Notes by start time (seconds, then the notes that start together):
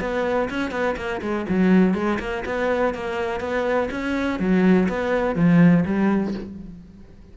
0.00 B3
0.49 C#4
0.71 B3
0.96 A#3
1.21 G#3
1.49 F#3
1.94 G#3
2.19 A#3
2.45 B3
2.94 A#3
3.40 B3
3.91 C#4
4.39 F#3
4.88 B3
5.35 F3
5.85 G3